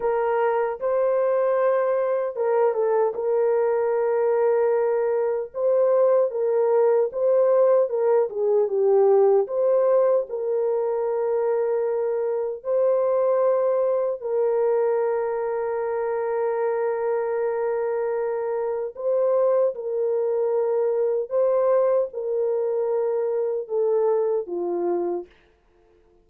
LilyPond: \new Staff \with { instrumentName = "horn" } { \time 4/4 \tempo 4 = 76 ais'4 c''2 ais'8 a'8 | ais'2. c''4 | ais'4 c''4 ais'8 gis'8 g'4 | c''4 ais'2. |
c''2 ais'2~ | ais'1 | c''4 ais'2 c''4 | ais'2 a'4 f'4 | }